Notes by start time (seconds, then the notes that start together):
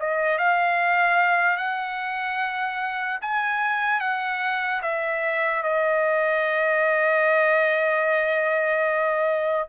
0.00 D#5
0.38 F5
1.57 F#5
3.21 G#5
4.00 F#5
4.82 E5
5.63 D#5